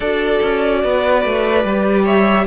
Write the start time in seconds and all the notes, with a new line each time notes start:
0.00 D4 F#4 A4 D5
0.42 C#4
0.83 B3 B4
1.25 A3
1.64 G3 G4
2.03 C#5 E5